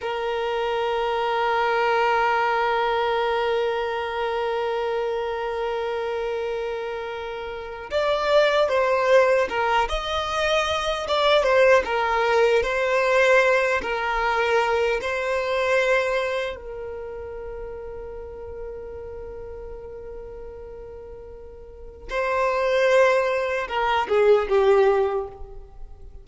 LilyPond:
\new Staff \with { instrumentName = "violin" } { \time 4/4 \tempo 4 = 76 ais'1~ | ais'1~ | ais'2 d''4 c''4 | ais'8 dis''4. d''8 c''8 ais'4 |
c''4. ais'4. c''4~ | c''4 ais'2.~ | ais'1 | c''2 ais'8 gis'8 g'4 | }